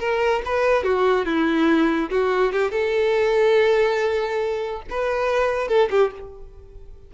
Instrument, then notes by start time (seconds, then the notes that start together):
violin
0.00 A#4
0.46 B4
0.84 F#4
1.26 E4
2.11 F#4
2.53 G4
2.72 A4
4.91 B4
5.68 A4
5.91 G4